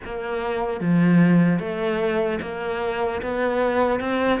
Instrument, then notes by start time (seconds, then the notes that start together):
cello
0.04 A#3
0.80 F3
1.59 A3
2.41 A#3
3.21 B3
4.00 C4